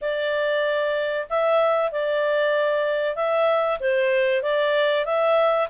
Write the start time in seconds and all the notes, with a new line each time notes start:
0.01 D5
1.29 E5
1.91 D5
3.15 E5
3.80 C5
4.42 D5
5.05 E5